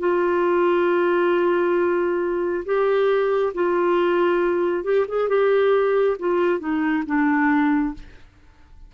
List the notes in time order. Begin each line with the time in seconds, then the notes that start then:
0.00 F4
2.66 G4
3.55 F4
4.84 G4
5.09 G#4
5.29 G4
6.19 F4
6.60 D#4
7.07 D4